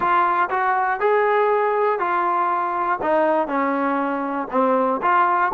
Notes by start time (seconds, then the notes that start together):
0.00 F4
0.50 F#4
1.00 G#4
1.99 F4
3.02 D#4
3.47 C#4
4.50 C4
5.02 F4